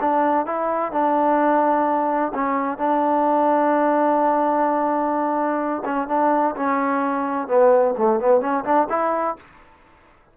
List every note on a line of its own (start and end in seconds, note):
0.00 0.45 D4
0.45 0.92 E4
0.92 2.32 D4
2.34 2.78 C#4
2.78 5.83 D4
5.84 6.08 C#4
6.08 6.55 D4
6.56 7.47 C#4
7.47 7.94 B3
7.97 8.20 A3
8.20 8.40 B3
8.40 8.64 C#4
8.64 8.87 D4
8.89 9.36 E4